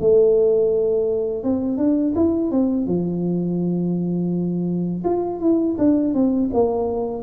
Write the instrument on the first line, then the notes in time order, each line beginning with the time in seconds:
tuba
0.00 A3
1.43 C4
1.77 D4
2.15 E4
2.51 C4
2.86 F3
5.04 F4
5.40 E4
5.78 D4
6.14 C4
6.53 A#3